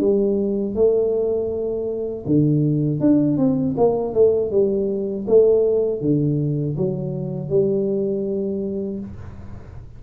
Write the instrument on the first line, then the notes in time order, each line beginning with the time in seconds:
tuba
0.00 G3
0.75 A3
2.26 D3
3.00 D4
3.37 C4
3.77 A#3
4.14 A3
4.51 G3
5.27 A3
6.01 D3
6.77 F#3
7.49 G3